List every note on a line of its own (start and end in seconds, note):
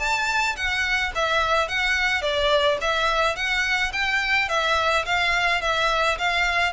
0.00 0.56 A5
0.57 1.13 F#5
1.15 1.69 E5
1.69 2.22 F#5
2.22 2.78 D5
2.81 3.36 E5
3.36 3.92 F#5
3.93 4.49 G5
4.49 5.05 E5
5.06 5.62 F5
5.62 6.18 E5
6.19 6.73 F5